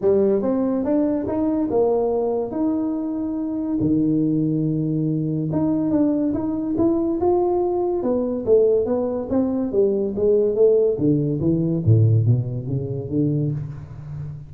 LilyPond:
\new Staff \with { instrumentName = "tuba" } { \time 4/4 \tempo 4 = 142 g4 c'4 d'4 dis'4 | ais2 dis'2~ | dis'4 dis2.~ | dis4 dis'4 d'4 dis'4 |
e'4 f'2 b4 | a4 b4 c'4 g4 | gis4 a4 d4 e4 | a,4 b,4 cis4 d4 | }